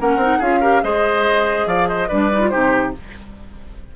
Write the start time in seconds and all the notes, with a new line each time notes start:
0.00 A#3 C#4 A#4 F#5
0.17 C4 D#4
0.38 C#4 F4 G#4 F5
0.61 G4 A#4
0.83 G#3 G#4 C5 D#5
1.66 F3 D5 F5
1.88 C5 D#5
2.08 G3 D4 B4 D5
2.32 D#4
2.41 F4
2.49 C3 D#4 G4 C5